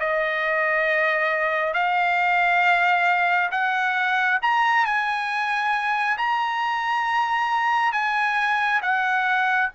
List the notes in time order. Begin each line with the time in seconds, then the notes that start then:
0.00 D#5
1.74 F5
3.51 F#5
4.42 A#5
4.85 G#5
6.18 A#5
7.93 G#5
8.82 F#5